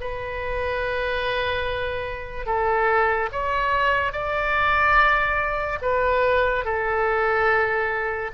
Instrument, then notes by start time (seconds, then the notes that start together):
oboe
0.00 B4
2.46 A4
3.32 C#5
4.12 D5
5.81 B4
6.64 A4